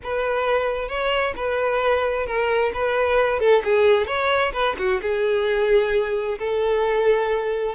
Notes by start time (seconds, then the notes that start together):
0.03 B4
0.88 C#5
1.36 B4
2.26 A#4
2.73 B4
3.39 A4
3.64 G#4
4.07 C#5
4.52 B4
4.78 F#4
5.02 G#4
6.38 A4